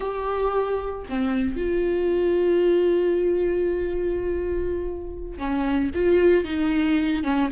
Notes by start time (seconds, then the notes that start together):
0.00 G4
1.09 C4
1.56 F4
5.38 C#4
5.94 F4
6.44 D#4
7.23 C#4